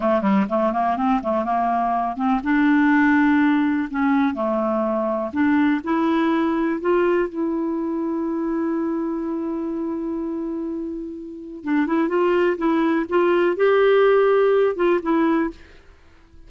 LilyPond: \new Staff \with { instrumentName = "clarinet" } { \time 4/4 \tempo 4 = 124 a8 g8 a8 ais8 c'8 a8 ais4~ | ais8 c'8 d'2. | cis'4 a2 d'4 | e'2 f'4 e'4~ |
e'1~ | e'1 | d'8 e'8 f'4 e'4 f'4 | g'2~ g'8 f'8 e'4 | }